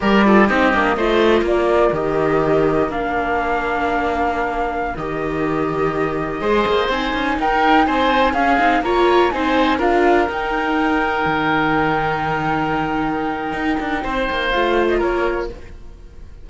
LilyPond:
<<
  \new Staff \with { instrumentName = "flute" } { \time 4/4 \tempo 4 = 124 d''4 dis''2 d''4 | dis''2 f''2~ | f''2~ f''16 dis''4.~ dis''16~ | dis''2~ dis''16 gis''4 g''8.~ |
g''16 gis''4 f''4 ais''4 gis''8.~ | gis''16 f''4 g''2~ g''8.~ | g''1~ | g''2 f''8. dis''16 cis''4 | }
  \new Staff \with { instrumentName = "oboe" } { \time 4/4 ais'8 a'8 g'4 c''4 ais'4~ | ais'1~ | ais'1~ | ais'4~ ais'16 c''2 ais'8.~ |
ais'16 c''4 gis'4 cis''4 c''8.~ | c''16 ais'2.~ ais'8.~ | ais'1~ | ais'4 c''2 ais'4 | }
  \new Staff \with { instrumentName = "viola" } { \time 4/4 g'8 f'8 dis'8 d'8 f'2 | g'2 d'2~ | d'2~ d'16 g'4.~ g'16~ | g'4~ g'16 gis'4 dis'4.~ dis'16~ |
dis'4~ dis'16 cis'8 dis'8 f'4 dis'8.~ | dis'16 f'4 dis'2~ dis'8.~ | dis'1~ | dis'2 f'2 | }
  \new Staff \with { instrumentName = "cello" } { \time 4/4 g4 c'8 ais8 a4 ais4 | dis2 ais2~ | ais2~ ais16 dis4.~ dis16~ | dis4~ dis16 gis8 ais8 c'8 cis'8 dis'8.~ |
dis'16 c'4 cis'8 c'8 ais4 c'8.~ | c'16 d'4 dis'2 dis8.~ | dis1 | dis'8 d'8 c'8 ais8 a4 ais4 | }
>>